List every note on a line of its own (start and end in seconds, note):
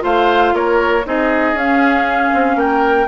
0.00 0.53 A3
0.00 1.02 F4
0.00 0.54 C5
0.00 0.55 F5
0.53 1.04 A#3
0.53 1.06 A#4
0.53 1.06 C#5
1.06 1.54 C4
1.06 1.56 D#4
1.06 2.57 G#4
1.06 1.58 D#5
1.54 2.30 C#4
1.54 3.08 C#4
1.54 2.59 F5
2.34 2.56 C4
2.56 3.06 A#3
2.56 3.08 A#4
2.56 3.08 G5